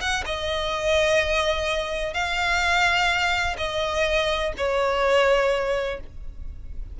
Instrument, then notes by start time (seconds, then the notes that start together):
violin
0.00 F#5
0.25 D#5
2.13 F5
3.57 D#5
4.57 C#5